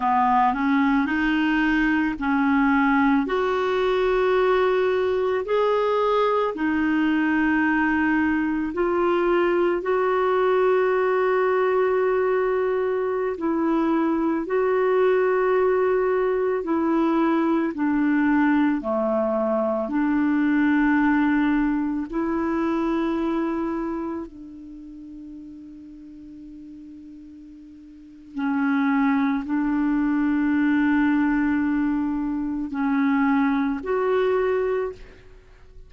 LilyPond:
\new Staff \with { instrumentName = "clarinet" } { \time 4/4 \tempo 4 = 55 b8 cis'8 dis'4 cis'4 fis'4~ | fis'4 gis'4 dis'2 | f'4 fis'2.~ | fis'16 e'4 fis'2 e'8.~ |
e'16 d'4 a4 d'4.~ d'16~ | d'16 e'2 d'4.~ d'16~ | d'2 cis'4 d'4~ | d'2 cis'4 fis'4 | }